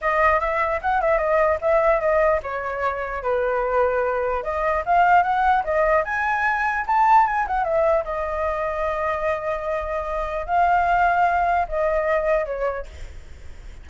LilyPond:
\new Staff \with { instrumentName = "flute" } { \time 4/4 \tempo 4 = 149 dis''4 e''4 fis''8 e''8 dis''4 | e''4 dis''4 cis''2 | b'2. dis''4 | f''4 fis''4 dis''4 gis''4~ |
gis''4 a''4 gis''8 fis''8 e''4 | dis''1~ | dis''2 f''2~ | f''4 dis''2 cis''4 | }